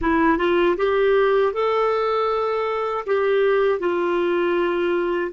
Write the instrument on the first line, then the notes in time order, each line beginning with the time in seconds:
clarinet
0.01 E4
0.38 F4
0.77 G4
1.53 A4
3.06 G4
3.79 F4